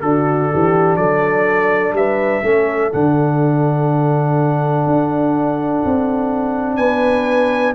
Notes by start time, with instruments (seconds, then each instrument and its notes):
0.00 tuba D3, trombone D4, horn F#4, trumpet A4
0.51 tuba E3, horn G4
0.96 tuba F#3, horn A4, trumpet D5
1.93 tuba G3, horn B4, trumpet E5
2.43 tuba A3, trombone C#4, horn A4
2.92 tuba D3, trombone D4, trumpet F#5
4.86 tuba D4
5.84 tuba C4
6.76 tuba B3, horn B4, trumpet G#5